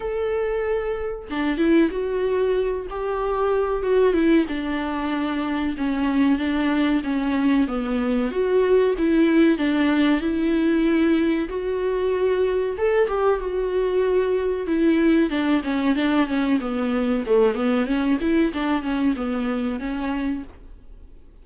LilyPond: \new Staff \with { instrumentName = "viola" } { \time 4/4 \tempo 4 = 94 a'2 d'8 e'8 fis'4~ | fis'8 g'4. fis'8 e'8 d'4~ | d'4 cis'4 d'4 cis'4 | b4 fis'4 e'4 d'4 |
e'2 fis'2 | a'8 g'8 fis'2 e'4 | d'8 cis'8 d'8 cis'8 b4 a8 b8 | cis'8 e'8 d'8 cis'8 b4 cis'4 | }